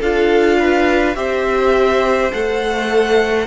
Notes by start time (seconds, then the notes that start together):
0.00 D4 F4 A4 F5
0.59 B4
1.15 C4 G4 C5 E5
2.33 A3 A4 F#5